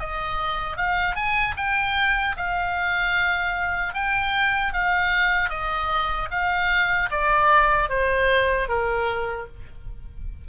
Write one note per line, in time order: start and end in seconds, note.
0.00 0.77 D#5
0.77 1.16 F5
1.16 1.55 G#5
1.57 2.36 G5
2.37 3.94 F5
3.94 4.73 G5
4.73 5.50 F5
5.50 6.29 D#5
6.31 7.10 F5
7.11 7.89 D5
7.89 8.68 C5
8.69 9.48 A#4